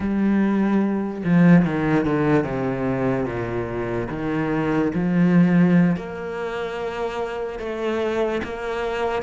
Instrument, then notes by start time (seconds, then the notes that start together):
cello
0.00 G3
1.24 F3
1.65 D#3
2.05 D3
2.44 C3
3.25 A#2
4.09 D#3
4.94 F3
5.96 A#3
7.59 A3
8.43 A#3